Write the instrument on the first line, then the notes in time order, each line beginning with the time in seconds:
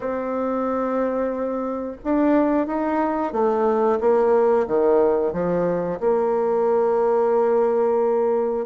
bassoon
0.00 C4
2.04 D4
2.66 D#4
3.32 A3
4.00 A#3
4.67 D#3
5.32 F3
5.99 A#3